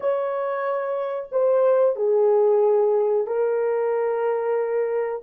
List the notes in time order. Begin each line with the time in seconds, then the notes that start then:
0.00 C#5
1.31 C5
1.96 G#4
3.26 A#4